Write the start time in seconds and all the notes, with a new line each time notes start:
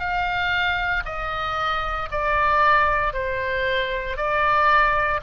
0.00 F5
1.05 D#5
2.11 D5
3.13 C5
4.17 D5